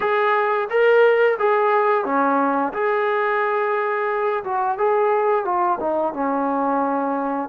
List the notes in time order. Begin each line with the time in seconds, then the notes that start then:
0.00 G#4
0.70 A#4
1.39 G#4
2.05 C#4
2.73 G#4
4.43 F#4
4.78 G#4
5.45 F4
5.80 D#4
6.13 C#4